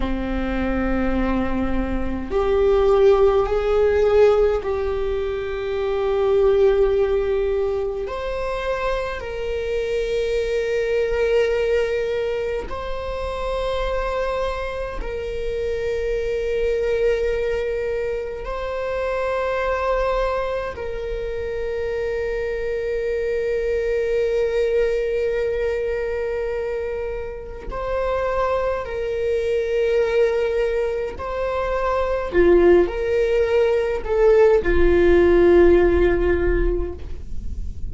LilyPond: \new Staff \with { instrumentName = "viola" } { \time 4/4 \tempo 4 = 52 c'2 g'4 gis'4 | g'2. c''4 | ais'2. c''4~ | c''4 ais'2. |
c''2 ais'2~ | ais'1 | c''4 ais'2 c''4 | f'8 ais'4 a'8 f'2 | }